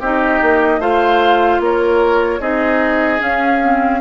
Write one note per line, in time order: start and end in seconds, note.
0.00 0.40 C4
0.00 0.80 D#4
0.00 0.80 G4
0.00 0.81 D#5
0.42 0.79 A#3
0.79 1.59 A3
0.79 2.40 F4
0.79 1.60 C5
0.79 1.61 F5
1.60 2.40 A#3
1.60 2.40 A#4
1.60 2.41 C#5
2.40 3.20 C4
2.40 3.19 D#4
2.40 4.00 G#4
2.40 3.21 D#5
3.19 3.59 C#4
3.19 4.01 C#4
3.19 4.01 F5
3.63 4.01 C4